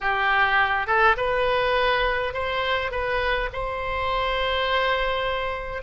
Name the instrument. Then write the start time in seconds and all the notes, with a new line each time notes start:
oboe
0.00 G4
0.86 A4
1.17 B4
2.33 C5
2.91 B4
3.52 C5